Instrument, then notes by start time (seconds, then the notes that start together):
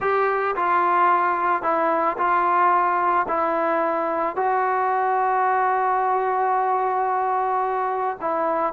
trombone
0.00 G4
0.56 F4
1.62 E4
2.17 F4
3.28 E4
4.36 F#4
8.20 E4